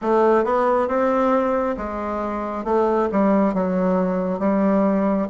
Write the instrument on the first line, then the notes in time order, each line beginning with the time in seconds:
bassoon
0.01 A3
0.44 B3
0.87 C4
1.77 G#3
2.64 A3
3.11 G3
3.53 F#3
4.39 G3